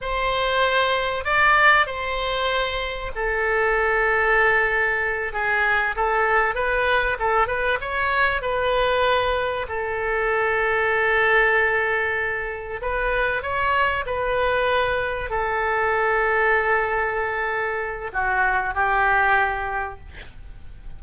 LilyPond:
\new Staff \with { instrumentName = "oboe" } { \time 4/4 \tempo 4 = 96 c''2 d''4 c''4~ | c''4 a'2.~ | a'8 gis'4 a'4 b'4 a'8 | b'8 cis''4 b'2 a'8~ |
a'1~ | a'8 b'4 cis''4 b'4.~ | b'8 a'2.~ a'8~ | a'4 fis'4 g'2 | }